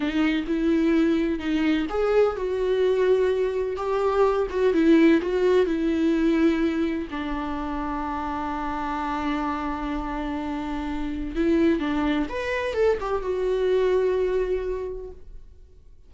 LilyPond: \new Staff \with { instrumentName = "viola" } { \time 4/4 \tempo 4 = 127 dis'4 e'2 dis'4 | gis'4 fis'2. | g'4. fis'8 e'4 fis'4 | e'2. d'4~ |
d'1~ | d'1 | e'4 d'4 b'4 a'8 g'8 | fis'1 | }